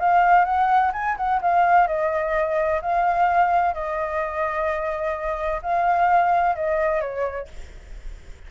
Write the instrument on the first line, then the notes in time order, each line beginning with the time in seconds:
flute
0.00 F5
0.45 F#5
0.93 G#5
1.17 F#5
1.42 F5
1.88 D#5
2.82 F5
3.74 D#5
5.63 F5
6.56 D#5
7.01 C#5